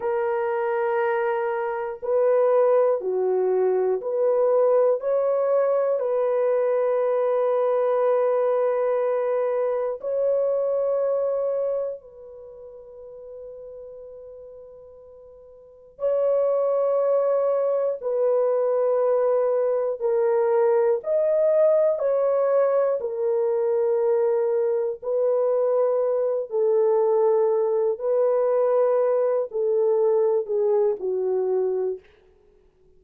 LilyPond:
\new Staff \with { instrumentName = "horn" } { \time 4/4 \tempo 4 = 60 ais'2 b'4 fis'4 | b'4 cis''4 b'2~ | b'2 cis''2 | b'1 |
cis''2 b'2 | ais'4 dis''4 cis''4 ais'4~ | ais'4 b'4. a'4. | b'4. a'4 gis'8 fis'4 | }